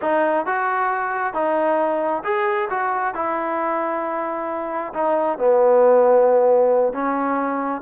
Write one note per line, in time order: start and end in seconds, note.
0.01 0.46 D#4
0.46 1.33 F#4
1.33 2.23 D#4
2.24 2.69 G#4
2.69 3.14 F#4
3.14 4.93 E4
4.93 5.38 D#4
5.38 6.93 B3
6.93 7.81 C#4